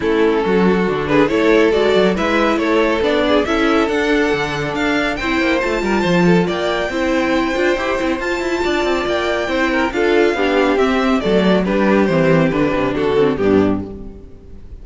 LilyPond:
<<
  \new Staff \with { instrumentName = "violin" } { \time 4/4 \tempo 4 = 139 a'2~ a'8 b'8 cis''4 | d''4 e''4 cis''4 d''4 | e''4 fis''2 f''4 | g''4 a''2 g''4~ |
g''2. a''4~ | a''4 g''2 f''4~ | f''4 e''4 d''4 b'4 | c''4 b'4 a'4 g'4 | }
  \new Staff \with { instrumentName = "violin" } { \time 4/4 e'4 fis'4. gis'8 a'4~ | a'4 b'4 a'4. gis'8 | a'1 | c''4. ais'8 c''8 a'8 d''4 |
c''1 | d''2 c''8 ais'8 a'4 | g'2 a'4 g'4~ | g'2 fis'4 d'4 | }
  \new Staff \with { instrumentName = "viola" } { \time 4/4 cis'2 d'4 e'4 | fis'4 e'2 d'4 | e'4 d'2. | e'4 f'2. |
e'4. f'8 g'8 e'8 f'4~ | f'2 e'4 f'4 | d'4 c'4 a4 d'4 | c'4 d'4. c'8 b4 | }
  \new Staff \with { instrumentName = "cello" } { \time 4/4 a4 fis4 d4 a4 | gis8 fis8 gis4 a4 b4 | cis'4 d'4 d4 d'4 | c'8 ais8 a8 g8 f4 ais4 |
c'4. d'8 e'8 c'8 f'8 e'8 | d'8 c'8 ais4 c'4 d'4 | b4 c'4 fis4 g4 | e4 d8 c8 d4 g,4 | }
>>